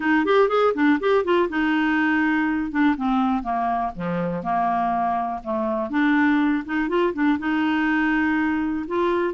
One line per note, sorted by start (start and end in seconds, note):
0.00 0.25 D#4
0.25 0.49 G4
0.49 0.73 G#4
0.74 0.99 D4
1.00 1.24 G4
1.24 1.48 F4
1.49 2.71 D#4
2.71 2.95 D4
2.96 3.42 C4
3.42 3.92 A#3
3.95 4.43 F3
4.43 5.41 A#3
5.43 5.90 A3
5.90 6.63 D4
6.65 6.88 D#4
6.88 7.13 F4
7.13 7.38 D4
7.38 8.86 D#4
8.87 9.34 F4